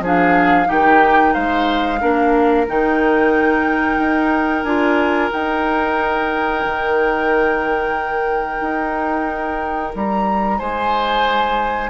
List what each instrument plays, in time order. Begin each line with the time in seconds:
0.00 bassoon F3, clarinet D4, oboe G#4
0.06 flute F5
0.66 bassoon D#3, clarinet D#4, oboe G4, flute G5
1.34 bassoon G#3, oboe C5, flute F5
2.01 bassoon A#3, clarinet D4, oboe A#4
2.67 bassoon D#3, clarinet D#4, flute G5
3.98 bassoon D#4
4.63 bassoon D4, clarinet F4, flute G#5
5.31 clarinet D#4, bassoon D#4, flute G5
6.65 bassoon D#3
8.61 bassoon D#4
9.95 bassoon G3, flute A#5
10.58 bassoon G#3, oboe C5, flute G#5